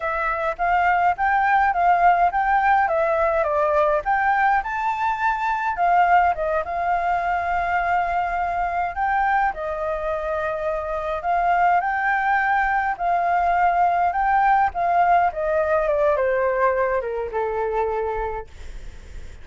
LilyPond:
\new Staff \with { instrumentName = "flute" } { \time 4/4 \tempo 4 = 104 e''4 f''4 g''4 f''4 | g''4 e''4 d''4 g''4 | a''2 f''4 dis''8 f''8~ | f''2.~ f''8 g''8~ |
g''8 dis''2. f''8~ | f''8 g''2 f''4.~ | f''8 g''4 f''4 dis''4 d''8 | c''4. ais'8 a'2 | }